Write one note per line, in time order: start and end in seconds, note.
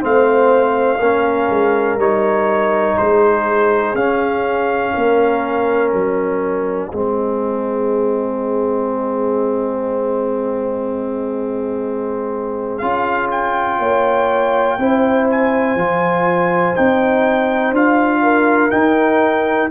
0.00 1.00 A3
0.00 0.98 C4
0.00 0.99 C5
0.00 2.00 F5
0.99 1.49 A#3
0.99 1.99 C#4
0.99 2.96 A#4
1.50 1.96 G#3
1.96 2.94 G3
1.96 3.96 D#4
1.96 2.98 C#5
2.98 3.94 G#3
2.98 4.93 G#4
2.98 3.95 C5
3.94 4.92 C#4
3.94 6.92 C#4
3.94 5.91 F5
4.93 5.92 A#3
4.93 6.89 A#4
5.91 6.91 F#3
5.91 12.77 D#5
6.89 12.81 G#3
6.89 12.81 C4
6.89 13.78 G#4
12.77 13.78 C#4
12.77 14.78 F4
12.77 13.27 F5
13.31 15.27 G5
13.78 14.77 A#3
13.78 14.77 C#5
14.78 15.75 C4
14.78 15.77 E4
14.78 18.22 C5
15.30 16.75 G#5
15.75 16.74 F3
15.75 16.75 F4
16.75 17.71 C4
16.75 17.74 D#4
16.75 17.73 G5
17.71 18.69 D4
17.71 18.70 F4
17.71 18.70 F5
18.22 19.69 A#4
18.70 19.69 D#4
18.70 19.70 D#4
18.70 19.69 G5